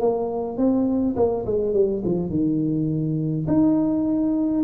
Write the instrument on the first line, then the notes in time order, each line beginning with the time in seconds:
tuba
0.00 A#3
0.57 C4
1.16 A#3
1.46 G#3
1.73 G3
2.04 F3
2.30 D#3
3.47 D#4